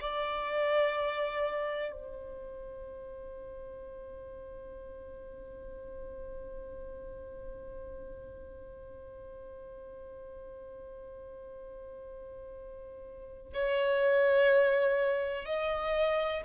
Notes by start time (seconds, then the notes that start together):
0.00 D5
1.91 C5
13.53 C#5
15.45 D#5